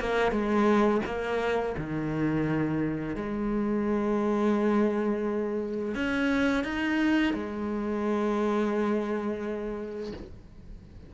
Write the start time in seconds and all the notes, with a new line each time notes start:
0.00 A#3
0.31 G#3
1.06 A#3
1.78 D#3
3.16 G#3
5.95 C#4
6.64 D#4
7.34 G#3